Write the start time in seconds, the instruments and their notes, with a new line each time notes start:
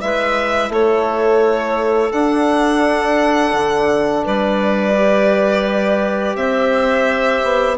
0.00 bassoon G#3, trombone E4, clarinet B4, violin E5
0.69 bassoon A3, clarinet A4, violin C#5
2.12 trombone D4, bassoon D4, violin F#5
3.53 bassoon D3
4.24 bassoon G3, clarinet B4, violin D5
4.94 trombone G4
6.35 bassoon C4, clarinet C5, violin E5
7.43 bassoon B3